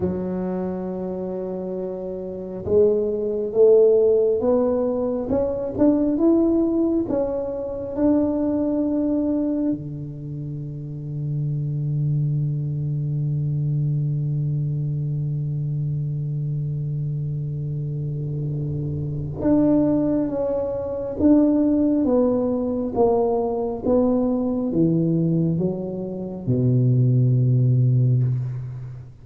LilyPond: \new Staff \with { instrumentName = "tuba" } { \time 4/4 \tempo 4 = 68 fis2. gis4 | a4 b4 cis'8 d'8 e'4 | cis'4 d'2 d4~ | d1~ |
d1~ | d2 d'4 cis'4 | d'4 b4 ais4 b4 | e4 fis4 b,2 | }